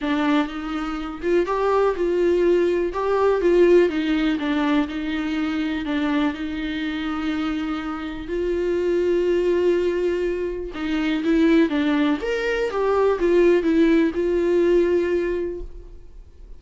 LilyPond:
\new Staff \with { instrumentName = "viola" } { \time 4/4 \tempo 4 = 123 d'4 dis'4. f'8 g'4 | f'2 g'4 f'4 | dis'4 d'4 dis'2 | d'4 dis'2.~ |
dis'4 f'2.~ | f'2 dis'4 e'4 | d'4 ais'4 g'4 f'4 | e'4 f'2. | }